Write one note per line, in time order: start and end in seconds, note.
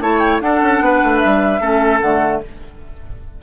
0.00 0.40 A3
0.00 0.42 E4
0.00 0.42 C#5
0.00 0.19 A5
0.19 0.39 G5
0.40 0.60 D4
0.40 1.60 D4
0.40 0.84 A4
0.40 1.19 F#5
0.62 0.80 C#4
0.80 1.00 B3
0.80 1.61 B4
1.03 1.23 A3
1.19 1.60 G3
1.19 1.99 E5
1.60 2.00 A3
1.60 2.00 C#4
1.60 2.41 A4
2.00 2.41 D3
2.00 2.42 A3
2.00 2.41 F#5